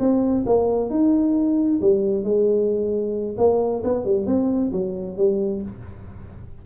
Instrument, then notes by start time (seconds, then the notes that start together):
tuba
0.00 C4
0.46 A#3
0.90 D#4
1.82 G3
2.24 G#3
3.38 A#3
3.84 B3
4.05 G3
4.27 C4
4.72 F#3
5.17 G3